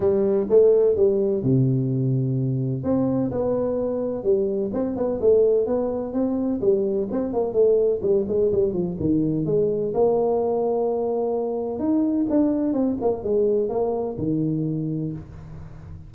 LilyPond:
\new Staff \with { instrumentName = "tuba" } { \time 4/4 \tempo 4 = 127 g4 a4 g4 c4~ | c2 c'4 b4~ | b4 g4 c'8 b8 a4 | b4 c'4 g4 c'8 ais8 |
a4 g8 gis8 g8 f8 dis4 | gis4 ais2.~ | ais4 dis'4 d'4 c'8 ais8 | gis4 ais4 dis2 | }